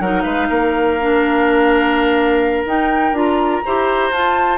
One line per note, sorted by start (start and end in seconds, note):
0.00 0.24 F#3
0.00 1.00 D#4
0.00 0.23 A#4
0.00 0.23 F#5
0.23 0.49 G#3
0.23 0.47 B4
0.23 2.65 F5
0.50 2.66 A#3
0.50 3.64 A#4
1.01 2.66 D4
2.66 3.12 D#4
2.66 3.14 D#4
2.66 3.17 G5
3.12 3.61 D4
3.12 3.63 F4
3.12 4.13 A#5
3.65 4.11 E4
3.65 4.13 G4
3.65 4.58 C5
4.11 4.58 F4
4.11 4.58 A5